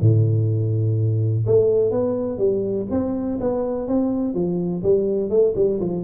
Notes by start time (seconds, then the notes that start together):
0.00 A2
1.46 A3
1.90 B3
2.38 G3
2.90 C4
3.40 B3
3.87 C4
4.34 F3
4.83 G3
5.29 A3
5.55 G3
5.80 F3